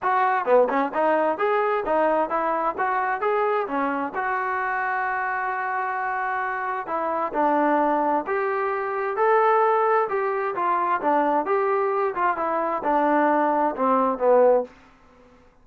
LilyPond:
\new Staff \with { instrumentName = "trombone" } { \time 4/4 \tempo 4 = 131 fis'4 b8 cis'8 dis'4 gis'4 | dis'4 e'4 fis'4 gis'4 | cis'4 fis'2.~ | fis'2. e'4 |
d'2 g'2 | a'2 g'4 f'4 | d'4 g'4. f'8 e'4 | d'2 c'4 b4 | }